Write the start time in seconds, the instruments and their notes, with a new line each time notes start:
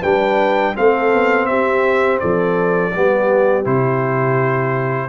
0.00 tuba G3, trombone D4, horn B4, trumpet G5
0.74 tuba A3, trombone C4, horn A4, trumpet F5
1.14 tuba B3
1.46 tuba C4, horn G4, trumpet E5
2.20 tuba F3, horn A4, trumpet D5
2.94 tuba G3, trombone B3, horn G4
3.65 tuba C3, trombone E4, trumpet C5